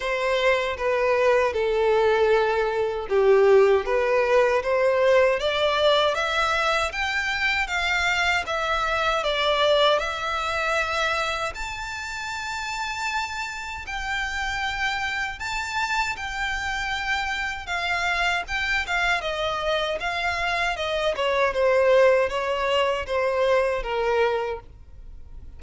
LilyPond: \new Staff \with { instrumentName = "violin" } { \time 4/4 \tempo 4 = 78 c''4 b'4 a'2 | g'4 b'4 c''4 d''4 | e''4 g''4 f''4 e''4 | d''4 e''2 a''4~ |
a''2 g''2 | a''4 g''2 f''4 | g''8 f''8 dis''4 f''4 dis''8 cis''8 | c''4 cis''4 c''4 ais'4 | }